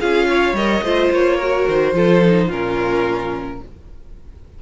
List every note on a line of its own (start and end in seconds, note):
0.00 0.53 C#4
0.00 0.56 F4
0.00 0.28 G#4
0.00 0.56 F5
0.29 0.84 C#5
0.53 0.81 G3
0.53 0.84 A#4
0.53 1.11 D#5
0.82 1.10 A3
0.82 1.41 F4
0.82 1.37 C5
1.11 1.66 A#3
1.11 1.68 C#5
1.37 1.95 F#4
1.37 1.93 A#4
1.68 1.93 D#3
1.68 2.51 C5
1.93 2.49 F3
1.93 2.22 F4
1.93 2.47 A4
2.25 2.51 D#4
2.47 3.60 A#2
2.47 3.62 C#4
2.47 3.58 F4
2.47 3.62 A#4